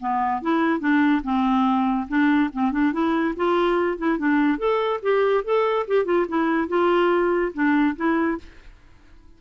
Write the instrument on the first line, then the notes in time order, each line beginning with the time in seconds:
clarinet
0.00 B3
0.42 E4
0.80 D4
1.24 C4
2.08 D4
2.53 C4
2.72 D4
2.93 E4
3.36 F4
3.98 E4
4.18 D4
4.58 A4
5.03 G4
5.45 A4
5.88 G4
6.05 F4
6.28 E4
6.68 F4
7.54 D4
7.96 E4